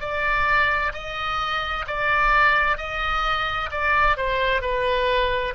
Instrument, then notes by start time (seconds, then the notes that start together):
oboe
0.00 D5
0.93 D#5
1.87 D5
2.78 D#5
3.71 D5
4.17 C5
4.62 B4